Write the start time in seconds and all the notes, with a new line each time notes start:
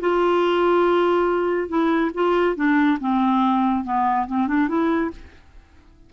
0.00 F4
1.68 E4
2.14 F4
2.56 D4
3.00 C4
3.84 B3
4.27 C4
4.47 D4
4.68 E4